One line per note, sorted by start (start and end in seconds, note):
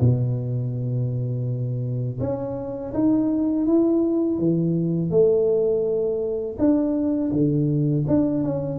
0.00 2.20 B2
2.20 2.93 C#4
2.94 3.66 D#4
3.66 4.38 E4
4.38 5.11 E3
5.11 6.57 A3
6.58 7.31 D4
7.32 8.05 D3
8.08 8.43 D4
8.43 8.79 C#4